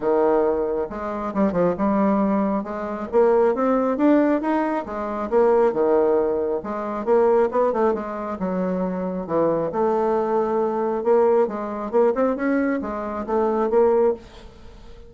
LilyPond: \new Staff \with { instrumentName = "bassoon" } { \time 4/4 \tempo 4 = 136 dis2 gis4 g8 f8 | g2 gis4 ais4 | c'4 d'4 dis'4 gis4 | ais4 dis2 gis4 |
ais4 b8 a8 gis4 fis4~ | fis4 e4 a2~ | a4 ais4 gis4 ais8 c'8 | cis'4 gis4 a4 ais4 | }